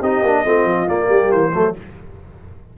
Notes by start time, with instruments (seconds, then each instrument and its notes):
0.00 tuba C4, trombone D#4, horn G4, trumpet D#5
0.22 tuba A#3, trombone D4
0.44 tuba A3, trombone C4, horn F4
0.64 tuba F3
0.87 trombone A#3, tuba A#3, trumpet D5
1.07 tuba G3, horn G4
1.31 tuba E3, trumpet C5
1.52 tuba F#3, trombone A3, horn A4